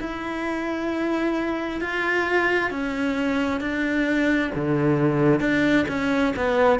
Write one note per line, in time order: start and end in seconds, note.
0.00 1.81 E4
1.81 2.70 F4
2.70 3.61 C#4
3.61 4.52 D4
4.55 5.40 D3
5.40 5.86 D4
5.88 6.34 C#4
6.36 6.79 B3